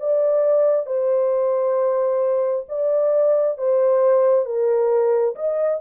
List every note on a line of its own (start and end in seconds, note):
0.00 0.86 D5
0.86 2.65 C5
2.69 3.58 D5
3.58 4.45 C5
4.45 5.35 A#4
5.36 5.80 D#5